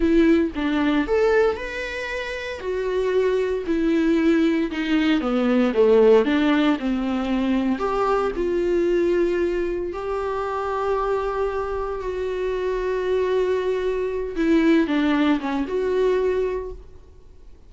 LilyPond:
\new Staff \with { instrumentName = "viola" } { \time 4/4 \tempo 4 = 115 e'4 d'4 a'4 b'4~ | b'4 fis'2 e'4~ | e'4 dis'4 b4 a4 | d'4 c'2 g'4 |
f'2. g'4~ | g'2. fis'4~ | fis'2.~ fis'8 e'8~ | e'8 d'4 cis'8 fis'2 | }